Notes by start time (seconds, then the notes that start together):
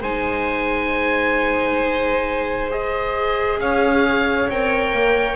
0.00 G#3 D#4 C5 G#5
2.70 G#4 D#5
3.59 C#4 C#5 F5
4.49 C4 A#4 G5
4.93 A#3